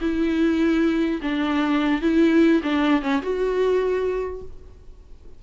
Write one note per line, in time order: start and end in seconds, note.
0.00 1.20 E4
1.21 2.01 D4
2.01 2.61 E4
2.63 3.02 D4
3.02 3.22 C#4
3.22 4.42 F#4